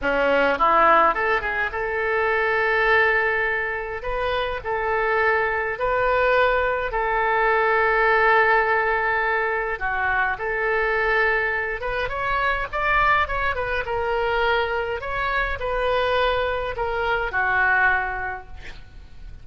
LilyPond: \new Staff \with { instrumentName = "oboe" } { \time 4/4 \tempo 4 = 104 cis'4 e'4 a'8 gis'8 a'4~ | a'2. b'4 | a'2 b'2 | a'1~ |
a'4 fis'4 a'2~ | a'8 b'8 cis''4 d''4 cis''8 b'8 | ais'2 cis''4 b'4~ | b'4 ais'4 fis'2 | }